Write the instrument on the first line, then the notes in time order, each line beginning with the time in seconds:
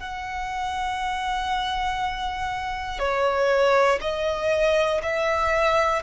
violin
0.00 F#5
2.99 C#5
4.01 D#5
5.03 E5